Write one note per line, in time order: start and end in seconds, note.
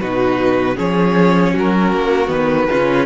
0.00 0.78 B2
0.00 0.75 D#4
0.00 0.77 F#4
0.00 0.77 B4
0.75 1.55 F3
0.75 2.28 C#4
0.75 1.54 G#4
0.75 1.56 C#5
1.54 1.93 F#3
1.54 2.69 F#4
1.54 2.30 A#4
1.93 2.29 A#3
2.28 2.68 D#3
2.28 2.66 B3
2.28 3.07 B4
2.70 3.07 C#3
2.70 3.07 C#4
2.70 3.07 F4